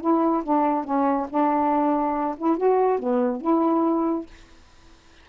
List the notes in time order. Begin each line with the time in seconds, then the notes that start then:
0.00 E4
0.43 D4
0.84 C#4
1.29 D4
2.37 E4
2.56 F#4
2.99 B3
3.40 E4